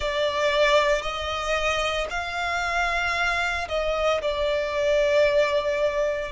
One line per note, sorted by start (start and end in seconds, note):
0.00 1.01 D5
1.01 2.07 D#5
2.10 3.67 F5
3.68 4.21 D#5
4.21 6.32 D5